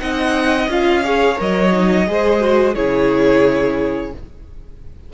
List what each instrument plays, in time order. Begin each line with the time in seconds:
0.00 cello C4, viola D#4, violin D#5 F#5
0.68 cello C#4, viola F4, violin F5
1.04 viola G#4, violin C#5
1.37 cello F#3, viola A#4, violin D#5
1.72 viola D#4
2.07 cello G#3, viola G#4, violin C5
2.40 viola F#4
2.75 cello C#3, viola E4, violin G#4 C#5